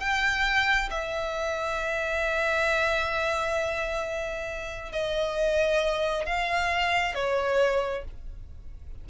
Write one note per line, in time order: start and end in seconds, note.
0.00 0.90 G5
0.91 4.93 E5
4.93 6.26 D#5
6.26 7.15 F5
7.15 8.05 C#5